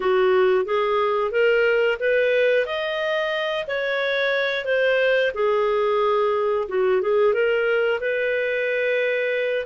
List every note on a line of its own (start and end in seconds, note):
0.00 0.65 F#4
0.65 1.31 G#4
1.31 1.98 A#4
1.99 2.66 B4
2.66 3.66 D#5
3.67 4.65 C#5
4.65 5.32 C5
5.34 6.68 G#4
6.68 7.01 F#4
7.01 7.33 G#4
7.33 8.00 A#4
8.00 9.65 B4